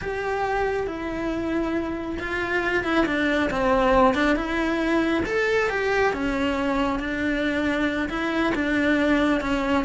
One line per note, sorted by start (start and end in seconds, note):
0.01 0.87 G4
0.87 2.18 E4
2.19 2.83 F4
2.83 3.05 E4
3.06 3.50 D4
3.50 4.14 C4
4.14 4.36 D4
4.36 5.23 E4
5.25 5.69 A4
5.69 6.13 G4
6.13 6.99 C#4
6.99 8.08 D4
8.09 8.53 E4
8.54 9.41 D4
9.41 9.84 C#4